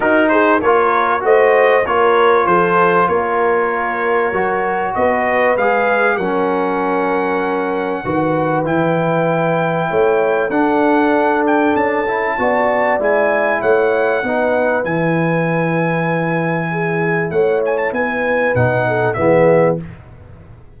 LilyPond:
<<
  \new Staff \with { instrumentName = "trumpet" } { \time 4/4 \tempo 4 = 97 ais'8 c''8 cis''4 dis''4 cis''4 | c''4 cis''2. | dis''4 f''4 fis''2~ | fis''2 g''2~ |
g''4 fis''4. g''8 a''4~ | a''4 gis''4 fis''2 | gis''1 | fis''8 gis''16 a''16 gis''4 fis''4 e''4 | }
  \new Staff \with { instrumentName = "horn" } { \time 4/4 fis'8 gis'8 ais'4 c''4 ais'4 | a'4 ais'2. | b'2 ais'2~ | ais'4 b'2. |
cis''4 a'2. | d''2 cis''4 b'4~ | b'2. gis'4 | cis''4 b'4. a'8 gis'4 | }
  \new Staff \with { instrumentName = "trombone" } { \time 4/4 dis'4 f'4 fis'4 f'4~ | f'2. fis'4~ | fis'4 gis'4 cis'2~ | cis'4 fis'4 e'2~ |
e'4 d'2~ d'8 e'8 | fis'4 e'2 dis'4 | e'1~ | e'2 dis'4 b4 | }
  \new Staff \with { instrumentName = "tuba" } { \time 4/4 dis'4 ais4 a4 ais4 | f4 ais2 fis4 | b4 gis4 fis2~ | fis4 dis4 e2 |
a4 d'2 cis'4 | b4 gis4 a4 b4 | e1 | a4 b4 b,4 e4 | }
>>